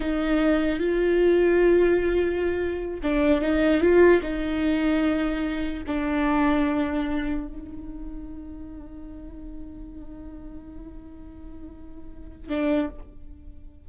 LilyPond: \new Staff \with { instrumentName = "viola" } { \time 4/4 \tempo 4 = 149 dis'2 f'2~ | f'2.~ f'8 d'8~ | d'8 dis'4 f'4 dis'4.~ | dis'2~ dis'8 d'4.~ |
d'2~ d'8 dis'4.~ | dis'1~ | dis'1~ | dis'2. d'4 | }